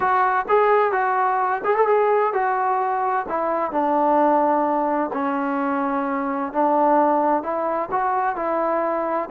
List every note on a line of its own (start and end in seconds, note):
0.00 0.45 F#4
0.48 0.92 G#4
0.92 1.61 F#4
1.64 1.75 G#4
1.75 1.87 A4
1.87 2.33 G#4
2.33 3.26 F#4
3.28 3.71 E4
3.71 5.11 D4
5.13 6.52 C#4
6.52 7.42 D4
7.42 7.89 E4
7.91 8.36 F#4
8.36 9.29 E4